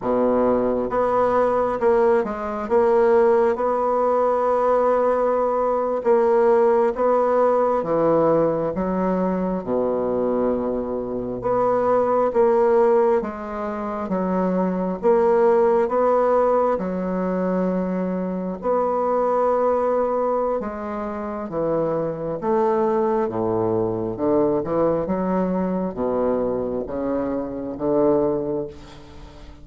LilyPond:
\new Staff \with { instrumentName = "bassoon" } { \time 4/4 \tempo 4 = 67 b,4 b4 ais8 gis8 ais4 | b2~ b8. ais4 b16~ | b8. e4 fis4 b,4~ b,16~ | b,8. b4 ais4 gis4 fis16~ |
fis8. ais4 b4 fis4~ fis16~ | fis8. b2~ b16 gis4 | e4 a4 a,4 d8 e8 | fis4 b,4 cis4 d4 | }